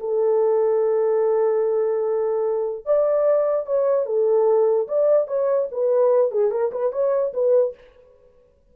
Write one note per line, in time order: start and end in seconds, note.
0.00 2.85 A4
2.85 3.67 D5
3.67 4.06 C#5
4.06 4.88 A4
4.88 5.27 D5
5.27 5.68 C#5
5.72 6.31 B4
6.31 6.51 G#4
6.51 6.72 A#4
6.72 6.92 B4
6.92 7.33 C#5
7.34 7.75 B4